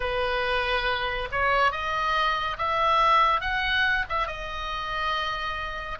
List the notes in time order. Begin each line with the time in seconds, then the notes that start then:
0.00 B4
1.31 C#5
1.71 D#5
2.58 E5
3.41 F#5
4.09 E5
4.27 D#5